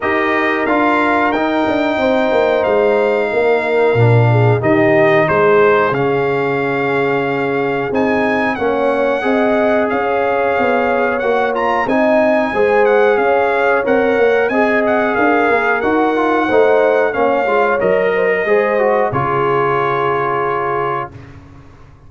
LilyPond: <<
  \new Staff \with { instrumentName = "trumpet" } { \time 4/4 \tempo 4 = 91 dis''4 f''4 g''2 | f''2. dis''4 | c''4 f''2. | gis''4 fis''2 f''4~ |
f''4 fis''8 ais''8 gis''4. fis''8 | f''4 fis''4 gis''8 fis''8 f''4 | fis''2 f''4 dis''4~ | dis''4 cis''2. | }
  \new Staff \with { instrumentName = "horn" } { \time 4/4 ais'2. c''4~ | c''4 ais'4. gis'8 g'4 | gis'1~ | gis'4 cis''4 dis''4 cis''4~ |
cis''2 dis''4 c''4 | cis''2 dis''4 ais'4~ | ais'4 c''4 cis''4. c''16 ais'16 | c''4 gis'2. | }
  \new Staff \with { instrumentName = "trombone" } { \time 4/4 g'4 f'4 dis'2~ | dis'2 d'4 dis'4~ | dis'4 cis'2. | dis'4 cis'4 gis'2~ |
gis'4 fis'8 f'8 dis'4 gis'4~ | gis'4 ais'4 gis'2 | fis'8 f'8 dis'4 cis'8 f'8 ais'4 | gis'8 fis'8 f'2. | }
  \new Staff \with { instrumentName = "tuba" } { \time 4/4 dis'4 d'4 dis'8 d'8 c'8 ais8 | gis4 ais4 ais,4 dis4 | gis4 cis2. | c'4 ais4 c'4 cis'4 |
b4 ais4 c'4 gis4 | cis'4 c'8 ais8 c'4 d'8 ais8 | dis'4 a4 ais8 gis8 fis4 | gis4 cis2. | }
>>